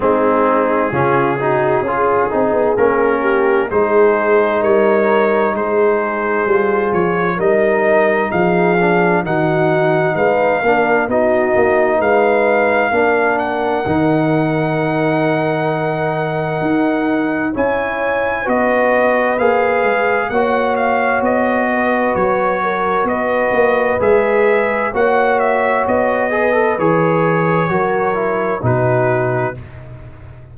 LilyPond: <<
  \new Staff \with { instrumentName = "trumpet" } { \time 4/4 \tempo 4 = 65 gis'2. ais'4 | c''4 cis''4 c''4. cis''8 | dis''4 f''4 fis''4 f''4 | dis''4 f''4. fis''4.~ |
fis''2. gis''4 | dis''4 f''4 fis''8 f''8 dis''4 | cis''4 dis''4 e''4 fis''8 e''8 | dis''4 cis''2 b'4 | }
  \new Staff \with { instrumentName = "horn" } { \time 4/4 dis'4 f'8 fis'8 gis'4. g'8 | gis'4 ais'4 gis'2 | ais'4 gis'4 fis'4 b'8 ais'8 | fis'4 b'4 ais'2~ |
ais'2. cis''4 | b'2 cis''4. b'8~ | b'8 ais'8 b'2 cis''4~ | cis''8 b'4. ais'4 fis'4 | }
  \new Staff \with { instrumentName = "trombone" } { \time 4/4 c'4 cis'8 dis'8 f'8 dis'8 cis'4 | dis'2. f'4 | dis'4. d'8 dis'4. d'8 | dis'2 d'4 dis'4~ |
dis'2. e'4 | fis'4 gis'4 fis'2~ | fis'2 gis'4 fis'4~ | fis'8 gis'16 a'16 gis'4 fis'8 e'8 dis'4 | }
  \new Staff \with { instrumentName = "tuba" } { \time 4/4 gis4 cis4 cis'8 c'16 b16 ais4 | gis4 g4 gis4 g8 f8 | g4 f4 dis4 gis8 ais8 | b8 ais8 gis4 ais4 dis4~ |
dis2 dis'4 cis'4 | b4 ais8 gis8 ais4 b4 | fis4 b8 ais8 gis4 ais4 | b4 e4 fis4 b,4 | }
>>